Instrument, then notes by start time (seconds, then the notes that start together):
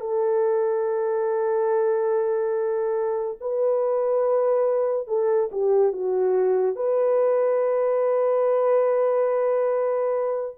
horn
0.00 A4
3.41 B4
5.07 A4
5.52 G4
5.93 F#4
6.76 B4